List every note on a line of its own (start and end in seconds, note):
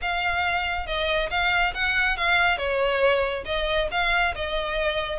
0.01 0.86 F5
0.86 1.29 D#5
1.30 1.73 F5
1.74 2.16 F#5
2.16 2.57 F5
2.57 3.44 C#5
3.45 3.88 D#5
3.91 4.34 F5
4.35 5.19 D#5